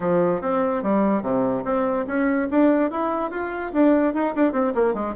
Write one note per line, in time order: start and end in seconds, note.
0.00 0.41 F3
0.41 0.82 C4
0.82 1.22 G3
1.22 1.63 C3
1.64 2.05 C4
2.07 2.48 C#4
2.50 2.90 D4
2.90 3.30 E4
3.30 3.72 F4
3.72 4.14 D4
4.14 4.34 D#4
4.35 4.52 D4
4.52 4.73 C4
4.75 4.94 A#3
4.94 5.14 G#3